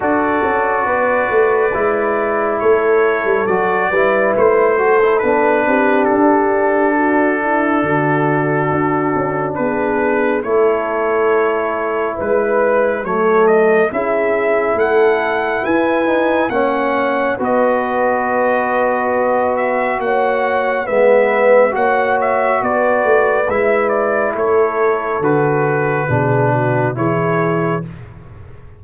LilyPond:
<<
  \new Staff \with { instrumentName = "trumpet" } { \time 4/4 \tempo 4 = 69 d''2. cis''4 | d''4 c''4 b'4 a'4~ | a'2. b'4 | cis''2 b'4 cis''8 dis''8 |
e''4 fis''4 gis''4 fis''4 | dis''2~ dis''8 e''8 fis''4 | e''4 fis''8 e''8 d''4 e''8 d''8 | cis''4 b'2 cis''4 | }
  \new Staff \with { instrumentName = "horn" } { \time 4/4 a'4 b'2 a'4~ | a'8 b'4 a'4 g'4. | fis'8 e'8 fis'2 gis'4 | a'2 b'4 a'4 |
gis'4 a'4 b'4 cis''4 | b'2. cis''4 | b'4 cis''4 b'2 | a'2 gis'8 fis'8 gis'4 | }
  \new Staff \with { instrumentName = "trombone" } { \time 4/4 fis'2 e'2 | fis'8 e'4 fis'16 e'16 d'2~ | d'1 | e'2. a4 |
e'2~ e'8 dis'8 cis'4 | fis'1 | b4 fis'2 e'4~ | e'4 fis'4 d'4 e'4 | }
  \new Staff \with { instrumentName = "tuba" } { \time 4/4 d'8 cis'8 b8 a8 gis4 a8. g16 | fis8 g8 a4 b8 c'8 d'4~ | d'4 d4 d'8 cis'8 b4 | a2 gis4 fis4 |
cis'4 a4 e'4 ais4 | b2. ais4 | gis4 ais4 b8 a8 gis4 | a4 d4 b,4 e4 | }
>>